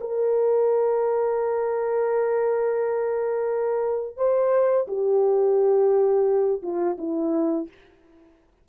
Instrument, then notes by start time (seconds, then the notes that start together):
horn
0.00 A#4
4.16 C5
4.88 G4
6.62 F4
6.98 E4